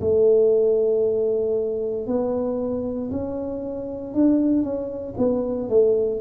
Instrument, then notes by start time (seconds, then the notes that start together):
tuba
0.00 A3
2.07 B3
3.11 C#4
4.14 D4
4.63 C#4
5.17 B3
5.69 A3